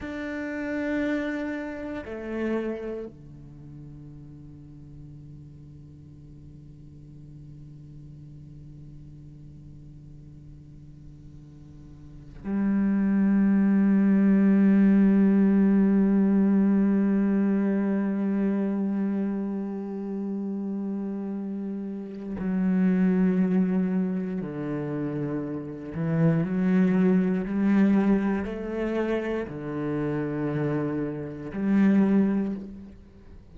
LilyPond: \new Staff \with { instrumentName = "cello" } { \time 4/4 \tempo 4 = 59 d'2 a4 d4~ | d1~ | d1~ | d16 g2.~ g8.~ |
g1~ | g2 fis2 | d4. e8 fis4 g4 | a4 d2 g4 | }